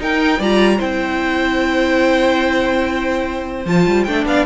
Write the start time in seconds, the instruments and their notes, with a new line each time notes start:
0.00 cello D#4, viola D#4, violin A#4 G5
0.39 cello G3, viola F4, violin D5 A#5
0.78 cello C4, viola E4, violin C5 G5
3.66 cello F3, viola F4, violin A5
3.87 cello G3
4.04 cello A3, viola D4, violin G5
4.26 cello B3, violin D5 F5